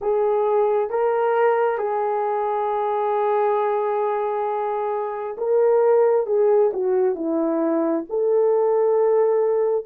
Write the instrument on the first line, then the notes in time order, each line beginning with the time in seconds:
horn
0.01 G#4
0.90 A#4
1.77 G#4
5.37 A#4
6.26 G#4
6.73 F#4
7.15 E4
8.09 A4